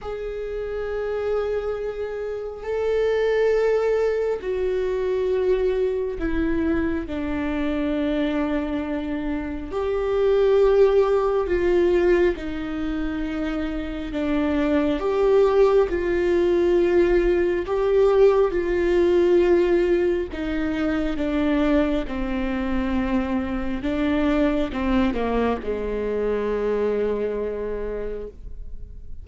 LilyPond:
\new Staff \with { instrumentName = "viola" } { \time 4/4 \tempo 4 = 68 gis'2. a'4~ | a'4 fis'2 e'4 | d'2. g'4~ | g'4 f'4 dis'2 |
d'4 g'4 f'2 | g'4 f'2 dis'4 | d'4 c'2 d'4 | c'8 ais8 gis2. | }